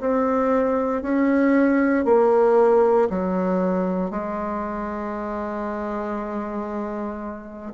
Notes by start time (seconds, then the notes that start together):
0.00 C4
1.02 C#4
2.05 A#3
3.10 F#3
4.11 G#3